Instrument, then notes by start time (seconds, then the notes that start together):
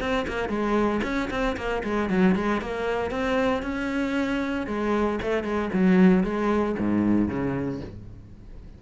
cello
0.00 C4
0.28 A#3
0.49 G#3
1.03 C#4
1.30 C4
1.57 A#3
1.84 G#3
2.10 F#3
2.35 G#3
2.61 A#3
3.11 C4
3.62 C#4
4.67 G#3
5.22 A3
5.44 G#3
5.73 F#3
6.23 G#3
6.79 G#2
7.28 C#3